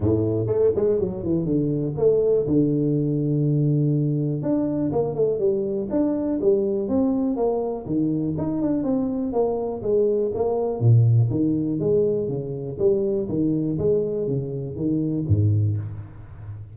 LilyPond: \new Staff \with { instrumentName = "tuba" } { \time 4/4 \tempo 4 = 122 a,4 a8 gis8 fis8 e8 d4 | a4 d2.~ | d4 d'4 ais8 a8 g4 | d'4 g4 c'4 ais4 |
dis4 dis'8 d'8 c'4 ais4 | gis4 ais4 ais,4 dis4 | gis4 cis4 g4 dis4 | gis4 cis4 dis4 gis,4 | }